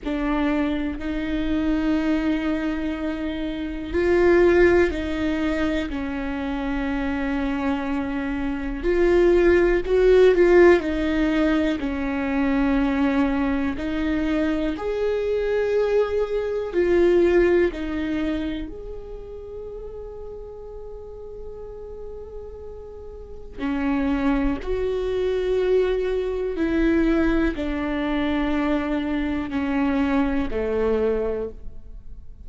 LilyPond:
\new Staff \with { instrumentName = "viola" } { \time 4/4 \tempo 4 = 61 d'4 dis'2. | f'4 dis'4 cis'2~ | cis'4 f'4 fis'8 f'8 dis'4 | cis'2 dis'4 gis'4~ |
gis'4 f'4 dis'4 gis'4~ | gis'1 | cis'4 fis'2 e'4 | d'2 cis'4 a4 | }